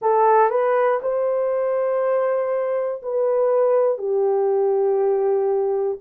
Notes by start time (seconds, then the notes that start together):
0.01 A4
0.50 B4
1.02 C5
3.02 B4
3.98 G4